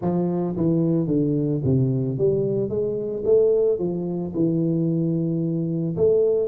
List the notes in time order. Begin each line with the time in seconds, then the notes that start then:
0.01 F3
0.56 E3
1.07 D3
1.64 C3
2.17 G3
2.69 G#3
3.25 A3
3.78 F3
4.34 E3
5.96 A3